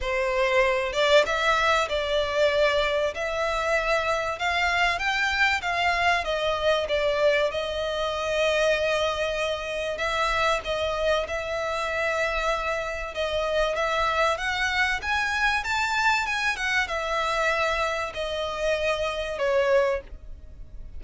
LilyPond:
\new Staff \with { instrumentName = "violin" } { \time 4/4 \tempo 4 = 96 c''4. d''8 e''4 d''4~ | d''4 e''2 f''4 | g''4 f''4 dis''4 d''4 | dis''1 |
e''4 dis''4 e''2~ | e''4 dis''4 e''4 fis''4 | gis''4 a''4 gis''8 fis''8 e''4~ | e''4 dis''2 cis''4 | }